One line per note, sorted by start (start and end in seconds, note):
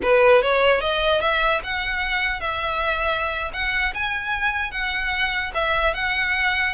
0.02 0.42 B4
0.42 0.81 C#5
0.81 1.20 D#5
1.20 1.61 E5
1.63 2.40 F#5
2.40 3.51 E5
3.53 3.93 F#5
3.94 4.71 G#5
4.71 5.51 F#5
5.54 5.94 E5
5.94 6.74 F#5